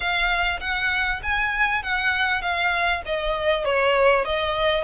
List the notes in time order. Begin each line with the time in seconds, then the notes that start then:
0.00 F5
0.60 F#5
1.23 G#5
1.82 F#5
2.41 F5
3.05 D#5
3.64 C#5
4.25 D#5